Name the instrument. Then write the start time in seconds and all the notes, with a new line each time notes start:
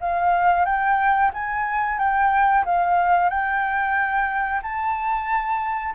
flute
0.00 F5
0.65 G5
1.33 G#5
1.98 G5
2.65 F5
3.29 G5
4.62 A5